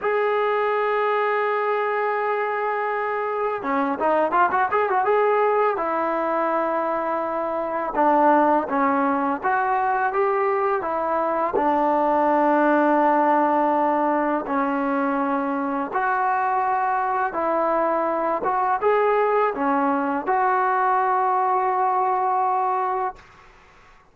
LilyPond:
\new Staff \with { instrumentName = "trombone" } { \time 4/4 \tempo 4 = 83 gis'1~ | gis'4 cis'8 dis'8 f'16 fis'16 gis'16 fis'16 gis'4 | e'2. d'4 | cis'4 fis'4 g'4 e'4 |
d'1 | cis'2 fis'2 | e'4. fis'8 gis'4 cis'4 | fis'1 | }